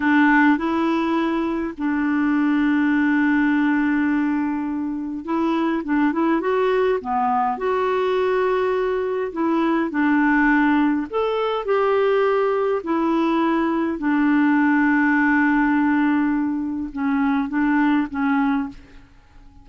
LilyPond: \new Staff \with { instrumentName = "clarinet" } { \time 4/4 \tempo 4 = 103 d'4 e'2 d'4~ | d'1~ | d'4 e'4 d'8 e'8 fis'4 | b4 fis'2. |
e'4 d'2 a'4 | g'2 e'2 | d'1~ | d'4 cis'4 d'4 cis'4 | }